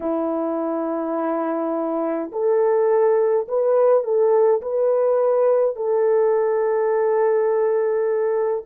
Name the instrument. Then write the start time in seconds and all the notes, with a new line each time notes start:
horn
0.00 E4
2.32 A4
3.48 B4
4.03 A4
4.62 B4
5.75 A4